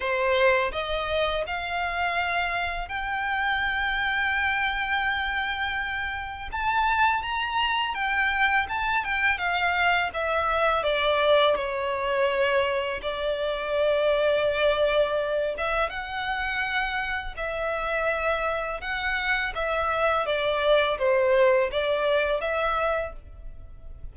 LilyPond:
\new Staff \with { instrumentName = "violin" } { \time 4/4 \tempo 4 = 83 c''4 dis''4 f''2 | g''1~ | g''4 a''4 ais''4 g''4 | a''8 g''8 f''4 e''4 d''4 |
cis''2 d''2~ | d''4. e''8 fis''2 | e''2 fis''4 e''4 | d''4 c''4 d''4 e''4 | }